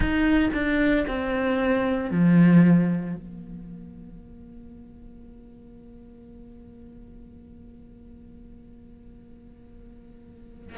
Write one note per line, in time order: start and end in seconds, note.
0.00 0.49 D#4
0.53 1.06 D4
1.07 2.11 C4
2.11 3.16 F3
3.16 10.78 A#3